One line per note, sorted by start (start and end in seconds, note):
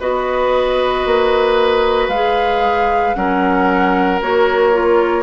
0.00 1.05 B3
0.00 2.11 F#4
0.00 3.16 B4
0.00 2.09 D#5
1.05 2.08 A#3
2.08 3.13 G#3
2.08 3.15 G#4
2.08 3.14 F5
3.14 4.21 F#3
3.14 4.20 C#4
3.14 5.22 A#4
3.14 4.19 F#5
4.21 5.22 A#3
4.21 4.73 F#4
4.21 5.22 C#5
4.73 5.22 F4